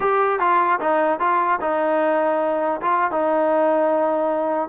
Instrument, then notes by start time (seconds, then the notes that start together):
trombone
0.00 G4
0.39 F4
0.80 D#4
1.19 F4
1.61 D#4
2.81 F4
3.11 D#4